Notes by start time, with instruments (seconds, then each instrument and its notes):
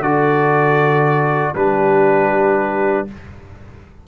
0.00 tuba D3, trombone F#4, horn A4, trumpet D5
1.53 tuba G3, trombone D4, horn G4, trumpet B4